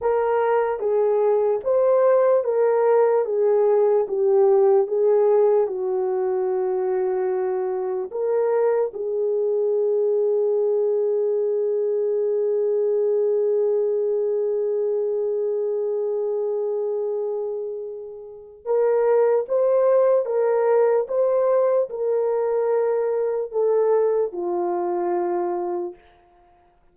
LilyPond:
\new Staff \with { instrumentName = "horn" } { \time 4/4 \tempo 4 = 74 ais'4 gis'4 c''4 ais'4 | gis'4 g'4 gis'4 fis'4~ | fis'2 ais'4 gis'4~ | gis'1~ |
gis'1~ | gis'2. ais'4 | c''4 ais'4 c''4 ais'4~ | ais'4 a'4 f'2 | }